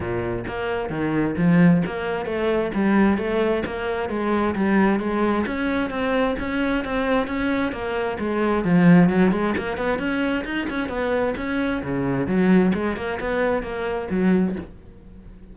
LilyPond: \new Staff \with { instrumentName = "cello" } { \time 4/4 \tempo 4 = 132 ais,4 ais4 dis4 f4 | ais4 a4 g4 a4 | ais4 gis4 g4 gis4 | cis'4 c'4 cis'4 c'4 |
cis'4 ais4 gis4 f4 | fis8 gis8 ais8 b8 cis'4 dis'8 cis'8 | b4 cis'4 cis4 fis4 | gis8 ais8 b4 ais4 fis4 | }